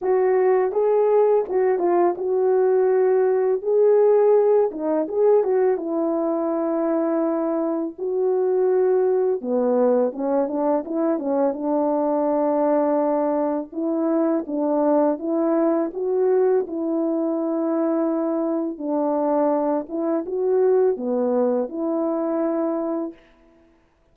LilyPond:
\new Staff \with { instrumentName = "horn" } { \time 4/4 \tempo 4 = 83 fis'4 gis'4 fis'8 f'8 fis'4~ | fis'4 gis'4. dis'8 gis'8 fis'8 | e'2. fis'4~ | fis'4 b4 cis'8 d'8 e'8 cis'8 |
d'2. e'4 | d'4 e'4 fis'4 e'4~ | e'2 d'4. e'8 | fis'4 b4 e'2 | }